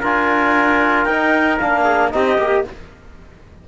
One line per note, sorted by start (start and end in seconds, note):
0.00 1.05 D4
0.00 1.09 F4
0.00 1.84 A#4
0.00 1.05 G#5
1.05 1.58 D#4
1.05 1.61 D#4
1.05 1.57 G5
1.59 2.14 A#3
1.59 2.11 D4
1.59 2.11 F5
1.84 2.11 G#4
2.11 2.38 C4
2.11 2.37 D#4
2.11 2.68 G4
2.11 2.64 D#5
2.38 2.64 A#3
2.38 2.65 G4